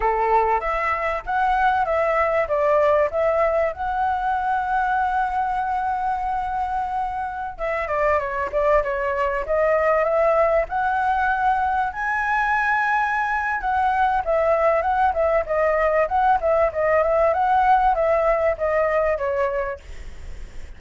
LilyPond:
\new Staff \with { instrumentName = "flute" } { \time 4/4 \tempo 4 = 97 a'4 e''4 fis''4 e''4 | d''4 e''4 fis''2~ | fis''1~ | fis''16 e''8 d''8 cis''8 d''8 cis''4 dis''8.~ |
dis''16 e''4 fis''2 gis''8.~ | gis''2 fis''4 e''4 | fis''8 e''8 dis''4 fis''8 e''8 dis''8 e''8 | fis''4 e''4 dis''4 cis''4 | }